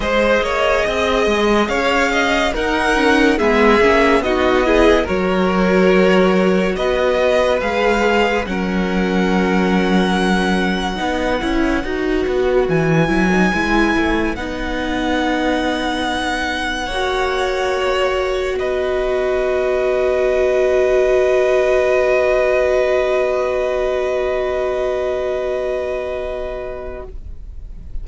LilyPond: <<
  \new Staff \with { instrumentName = "violin" } { \time 4/4 \tempo 4 = 71 dis''2 f''4 fis''4 | e''4 dis''4 cis''2 | dis''4 f''4 fis''2~ | fis''2. gis''4~ |
gis''4 fis''2.~ | fis''2 dis''2~ | dis''1~ | dis''1 | }
  \new Staff \with { instrumentName = "violin" } { \time 4/4 c''8 cis''8 dis''4 cis''8 dis''8 ais'4 | gis'4 fis'8 gis'8 ais'2 | b'2 ais'2~ | ais'4 b'2.~ |
b'1 | cis''2 b'2~ | b'1~ | b'1 | }
  \new Staff \with { instrumentName = "viola" } { \time 4/4 gis'2. dis'8 cis'8 | b8 cis'8 dis'8 e'8 fis'2~ | fis'4 gis'4 cis'2~ | cis'4 dis'8 e'8 fis'4. e'16 dis'16 |
e'4 dis'2. | fis'1~ | fis'1~ | fis'1 | }
  \new Staff \with { instrumentName = "cello" } { \time 4/4 gis8 ais8 c'8 gis8 cis'4 dis'4 | gis8 ais8 b4 fis2 | b4 gis4 fis2~ | fis4 b8 cis'8 dis'8 b8 e8 fis8 |
gis8 a8 b2. | ais2 b2~ | b1~ | b1 | }
>>